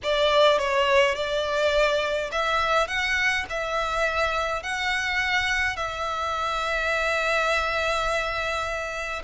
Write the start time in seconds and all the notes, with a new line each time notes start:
0.03 D5
0.58 C#5
1.15 D5
2.31 E5
2.87 F#5
3.49 E5
4.62 F#5
5.76 E5